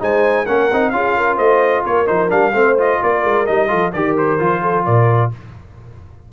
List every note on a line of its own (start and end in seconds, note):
0.00 0.48 G#3
0.00 0.46 D#4
0.00 0.46 C5
0.00 0.46 G#5
0.46 0.72 A#3
0.46 0.71 C#4
0.46 0.92 A#4
0.46 0.90 F#5
0.72 0.93 C4
0.72 0.93 D#4
0.90 1.39 C#4
0.90 2.07 F4
0.90 1.18 G#4
0.90 1.37 F5
1.18 1.37 A#4
1.37 1.85 A3
1.37 1.83 C5
1.37 1.84 D#5
1.85 2.09 A#3
1.85 2.55 A#4
1.85 2.07 C#5
2.07 2.32 F3
2.07 2.29 D#4
2.07 2.30 C5
2.29 2.54 G3
2.29 2.52 D4
2.29 2.77 F5
2.54 3.00 A3
2.54 2.78 C4
2.54 3.01 C5
2.78 3.47 F4
2.78 3.03 D#5
3.01 3.24 A#3
3.01 3.70 A#4
3.01 3.46 D5
3.24 3.47 G#3
3.46 3.72 G3
3.46 3.68 D#4
3.46 3.92 D#5
3.68 3.94 F3
3.68 3.91 F4
3.68 3.93 A4
3.93 4.40 D#3
3.93 4.40 G4
3.93 4.62 A#4
3.93 4.16 D5
4.18 4.85 C5
4.40 4.87 F3
4.40 5.32 F4
4.62 4.85 A4
4.85 5.33 A#2
4.85 5.31 A#4
4.85 5.32 D5